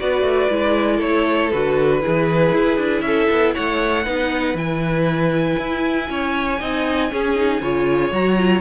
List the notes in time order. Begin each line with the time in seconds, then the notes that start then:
0.00 B3 F#4 B4 D5
0.22 A3
0.50 G#3 E4
0.97 A3 A4 C#5
1.52 D3 F#4 B4
2.01 E4 G#4
2.07 E3
2.52 E4
2.78 D4
3.01 C#4 A4 E5
3.30 B3
3.54 A3 C#5 F#5
4.05 B3 D#4 B4
4.54 E3 E4 G#5
5.59 E4
6.10 C#4 C#5
6.60 C4 D#4 D#5
7.11 C#4 G#4
7.36 D#4
7.61 C#3 F4 C#5
8.11 F#3 F#4 A#5
8.38 F4